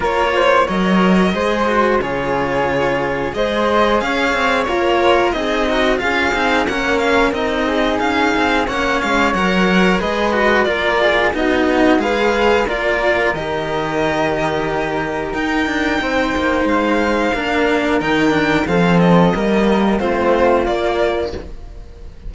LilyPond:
<<
  \new Staff \with { instrumentName = "violin" } { \time 4/4 \tempo 4 = 90 cis''4 dis''2 cis''4~ | cis''4 dis''4 f''4 cis''4 | dis''4 f''4 fis''8 f''8 dis''4 | f''4 fis''8 f''8 fis''4 dis''4 |
d''4 dis''4 f''4 d''4 | dis''2. g''4~ | g''4 f''2 g''4 | f''8 dis''4. c''4 d''4 | }
  \new Staff \with { instrumentName = "flute" } { \time 4/4 ais'8 c''8 cis''4 c''4 gis'4~ | gis'4 c''4 cis''4 f'4 | dis'4 gis'4 ais'4. gis'8~ | gis'4 cis''2 b'4 |
ais'8 gis'8 fis'4 b'4 ais'4~ | ais'1 | c''2 ais'2 | a'4 ais'4 f'2 | }
  \new Staff \with { instrumentName = "cello" } { \time 4/4 f'4 ais'4 gis'8 fis'8 f'4~ | f'4 gis'2 ais'4 | gis'8 fis'8 f'8 dis'8 cis'4 dis'4~ | dis'4 cis'4 ais'4 gis'8 fis'8 |
f'4 dis'4 gis'4 f'4 | g'2. dis'4~ | dis'2 d'4 dis'8 d'8 | c'4 ais4 c'4 ais4 | }
  \new Staff \with { instrumentName = "cello" } { \time 4/4 ais4 fis4 gis4 cis4~ | cis4 gis4 cis'8 c'8 ais4 | c'4 cis'8 c'8 ais4 c'4 | cis'8 c'8 ais8 gis8 fis4 gis4 |
ais4 b4 gis4 ais4 | dis2. dis'8 d'8 | c'8 ais8 gis4 ais4 dis4 | f4 g4 a4 ais4 | }
>>